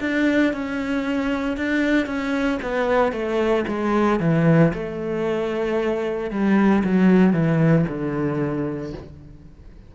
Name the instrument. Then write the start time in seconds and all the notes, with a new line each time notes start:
cello
0.00 D4
0.53 C#4
1.57 D4
2.06 C#4
2.62 B3
3.12 A3
3.68 G#3
4.20 E3
4.73 A3
6.31 G3
6.84 F#3
7.33 E3
7.88 D3